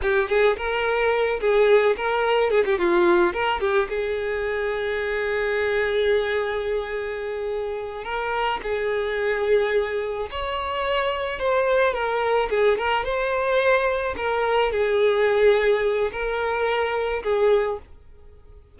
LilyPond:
\new Staff \with { instrumentName = "violin" } { \time 4/4 \tempo 4 = 108 g'8 gis'8 ais'4. gis'4 ais'8~ | ais'8 gis'16 g'16 f'4 ais'8 g'8 gis'4~ | gis'1~ | gis'2~ gis'8 ais'4 gis'8~ |
gis'2~ gis'8 cis''4.~ | cis''8 c''4 ais'4 gis'8 ais'8 c''8~ | c''4. ais'4 gis'4.~ | gis'4 ais'2 gis'4 | }